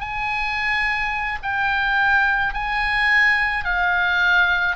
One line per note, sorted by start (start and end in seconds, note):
0.00 1.39 G#5
1.43 2.54 G5
2.54 3.65 G#5
3.65 4.76 F5